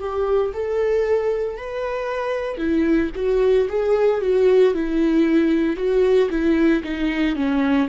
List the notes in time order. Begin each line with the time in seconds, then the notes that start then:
0.00 G4
0.54 A4
1.57 B4
2.58 E4
3.16 F#4
3.69 G#4
4.22 F#4
4.75 E4
5.77 F#4
6.30 E4
6.84 D#4
7.36 C#4